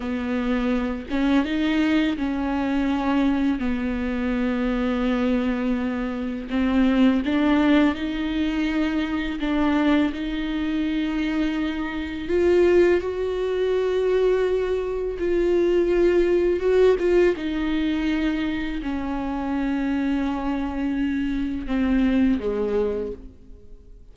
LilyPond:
\new Staff \with { instrumentName = "viola" } { \time 4/4 \tempo 4 = 83 b4. cis'8 dis'4 cis'4~ | cis'4 b2.~ | b4 c'4 d'4 dis'4~ | dis'4 d'4 dis'2~ |
dis'4 f'4 fis'2~ | fis'4 f'2 fis'8 f'8 | dis'2 cis'2~ | cis'2 c'4 gis4 | }